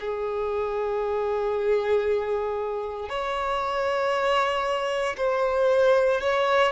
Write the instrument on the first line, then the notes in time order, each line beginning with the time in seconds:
violin
0.00 G#4
3.09 C#5
5.17 C5
6.21 C#5